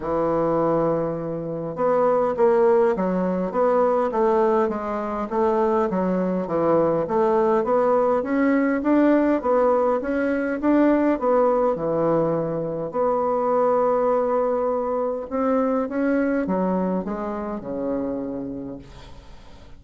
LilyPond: \new Staff \with { instrumentName = "bassoon" } { \time 4/4 \tempo 4 = 102 e2. b4 | ais4 fis4 b4 a4 | gis4 a4 fis4 e4 | a4 b4 cis'4 d'4 |
b4 cis'4 d'4 b4 | e2 b2~ | b2 c'4 cis'4 | fis4 gis4 cis2 | }